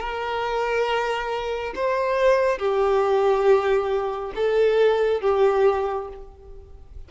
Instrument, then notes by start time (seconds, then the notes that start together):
violin
0.00 A#4
1.75 C5
2.59 G4
4.36 A4
5.22 G4